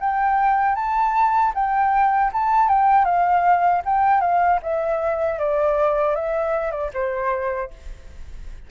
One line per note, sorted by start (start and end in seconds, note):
0.00 0.75 G5
0.75 1.52 A5
1.55 2.31 G5
2.33 2.68 A5
2.68 3.05 G5
3.05 3.82 F5
3.85 4.21 G5
4.21 4.59 F5
4.62 5.38 E5
5.38 6.15 D5
6.15 6.71 E5
6.71 6.90 D5
6.93 7.70 C5